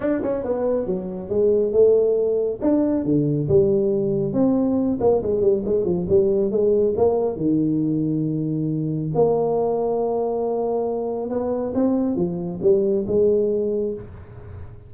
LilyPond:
\new Staff \with { instrumentName = "tuba" } { \time 4/4 \tempo 4 = 138 d'8 cis'8 b4 fis4 gis4 | a2 d'4 d4 | g2 c'4. ais8 | gis8 g8 gis8 f8 g4 gis4 |
ais4 dis2.~ | dis4 ais2.~ | ais2 b4 c'4 | f4 g4 gis2 | }